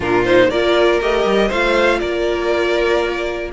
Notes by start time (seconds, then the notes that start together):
0.00 A#2 D4 F4 A#4
0.24 D#4 C5
0.50 A#3 F4 A#4 D5
1.01 A3 G4 D#5
1.25 G3
1.48 A3 F4 C5 F5
1.99 A#3 A#4 D5